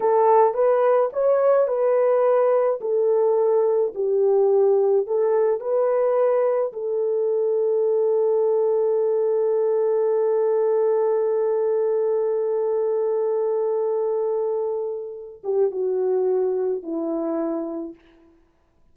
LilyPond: \new Staff \with { instrumentName = "horn" } { \time 4/4 \tempo 4 = 107 a'4 b'4 cis''4 b'4~ | b'4 a'2 g'4~ | g'4 a'4 b'2 | a'1~ |
a'1~ | a'1~ | a'2.~ a'8 g'8 | fis'2 e'2 | }